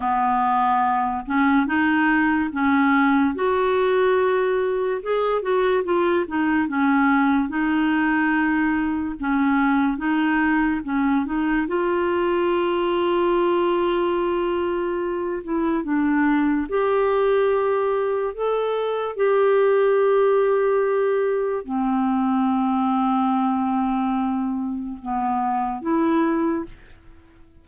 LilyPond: \new Staff \with { instrumentName = "clarinet" } { \time 4/4 \tempo 4 = 72 b4. cis'8 dis'4 cis'4 | fis'2 gis'8 fis'8 f'8 dis'8 | cis'4 dis'2 cis'4 | dis'4 cis'8 dis'8 f'2~ |
f'2~ f'8 e'8 d'4 | g'2 a'4 g'4~ | g'2 c'2~ | c'2 b4 e'4 | }